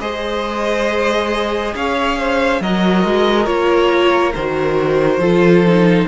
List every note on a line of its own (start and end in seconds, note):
0.00 1.74 G#3
0.00 2.61 G#4
0.00 1.74 C5
0.00 1.74 D#5
1.75 2.61 C#4
1.75 2.18 C#5
1.75 2.62 F5
2.18 2.61 C5
2.61 3.04 F#3
2.61 3.45 F#4
2.61 5.20 A#4
2.61 3.46 D#5
3.04 3.47 G#3
3.45 4.34 A#3
3.45 4.32 F4
3.45 4.33 C#5
4.35 5.18 D#3
4.35 5.22 F#4
4.35 6.08 C5
5.18 6.05 F3
5.18 5.65 F4
5.18 6.07 A4
5.66 6.08 D#4